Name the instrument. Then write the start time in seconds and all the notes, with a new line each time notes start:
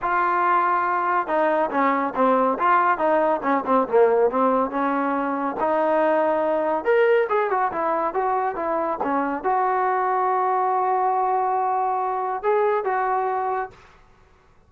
trombone
0.02 F4
1.27 D#4
1.70 C#4
2.15 C4
2.58 F4
2.97 D#4
3.42 C#4
3.66 C4
3.87 A#3
4.30 C4
4.70 C#4
5.60 D#4
6.84 A#4
7.29 G#4
7.50 F#4
7.71 E4
8.14 F#4
8.55 E4
9.03 C#4
9.43 F#4
12.42 G#4
12.84 F#4